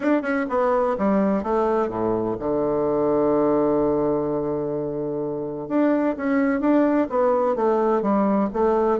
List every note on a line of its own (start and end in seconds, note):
0.00 0.22 D4
0.22 0.45 C#4
0.49 0.96 B3
0.98 1.43 G3
1.43 1.88 A3
1.88 2.36 A2
2.39 5.68 D3
5.68 6.15 D4
6.17 6.60 C#4
6.60 7.07 D4
7.09 7.55 B3
7.55 8.02 A3
8.02 8.49 G3
8.53 8.99 A3